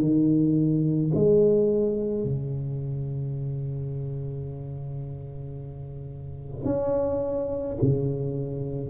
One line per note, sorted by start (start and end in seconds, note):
0.00 1.11 D#3
1.15 2.24 G#3
2.24 6.65 C#3
6.65 7.76 C#4
7.81 8.90 C#3